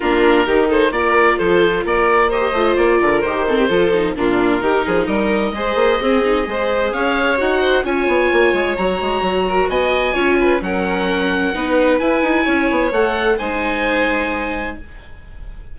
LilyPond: <<
  \new Staff \with { instrumentName = "oboe" } { \time 4/4 \tempo 4 = 130 ais'4. c''8 d''4 c''4 | d''4 dis''4 d''4 c''4~ | c''4 ais'2 dis''4~ | dis''2. f''4 |
fis''4 gis''2 ais''4~ | ais''4 gis''2 fis''4~ | fis''2 gis''2 | fis''4 gis''2. | }
  \new Staff \with { instrumentName = "violin" } { \time 4/4 f'4 g'8 a'8 ais'4 a'4 | ais'4 c''4. ais'4 a'16 g'16 | a'4 f'4 g'8 gis'8 ais'4 | c''4 gis'4 c''4 cis''4~ |
cis''8 c''8 cis''2.~ | cis''8 ais'8 dis''4 cis''8 b'8 ais'4~ | ais'4 b'2 cis''4~ | cis''4 c''2. | }
  \new Staff \with { instrumentName = "viola" } { \time 4/4 d'4 dis'4 f'2~ | f'4 g'8 f'4. g'8 c'8 | f'8 dis'8 d'4 dis'2 | gis'4 c'8 dis'8 gis'2 |
fis'4 f'2 fis'4~ | fis'2 f'4 cis'4~ | cis'4 dis'4 e'2 | a'4 dis'2. | }
  \new Staff \with { instrumentName = "bassoon" } { \time 4/4 ais4 dis4 ais4 f4 | ais4. a8 ais8 d8 dis4 | f4 ais,4 dis8 f8 g4 | gis8 ais8 c'4 gis4 cis'4 |
dis'4 cis'8 b8 ais8 gis8 fis8 gis8 | fis4 b4 cis'4 fis4~ | fis4 b4 e'8 dis'8 cis'8 b8 | a4 gis2. | }
>>